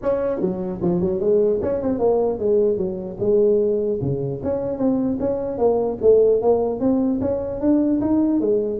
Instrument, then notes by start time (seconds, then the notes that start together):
tuba
0.02 C#4
0.40 F#3
0.81 F3
1.00 F#3
1.20 G#3
1.61 C#4
1.81 C4
1.99 A#3
2.38 G#3
2.77 F#3
3.19 G#3
4.01 C#3
4.43 C#4
4.77 C4
5.19 C#4
5.58 A#3
6.01 A3
6.41 A#3
6.79 C4
7.21 C#4
7.60 D4
8.00 D#4
8.40 G#3